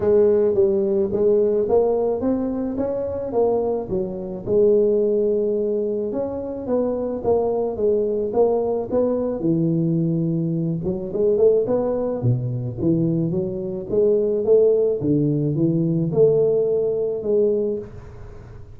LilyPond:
\new Staff \with { instrumentName = "tuba" } { \time 4/4 \tempo 4 = 108 gis4 g4 gis4 ais4 | c'4 cis'4 ais4 fis4 | gis2. cis'4 | b4 ais4 gis4 ais4 |
b4 e2~ e8 fis8 | gis8 a8 b4 b,4 e4 | fis4 gis4 a4 d4 | e4 a2 gis4 | }